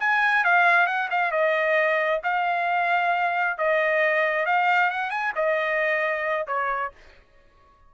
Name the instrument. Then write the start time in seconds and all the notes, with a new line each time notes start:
trumpet
0.00 G#5
0.44 F5
0.87 F#5
1.11 F5
1.32 D#5
2.24 F5
3.58 D#5
4.46 F5
4.91 F#5
5.10 G#5
5.35 D#5
6.47 C#5